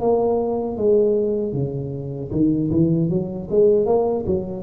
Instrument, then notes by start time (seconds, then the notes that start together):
tuba
0.00 A#3
0.77 G#3
1.53 C#3
2.31 D#3
2.71 E3
3.09 F#3
3.50 G#3
3.86 A#3
4.26 F#3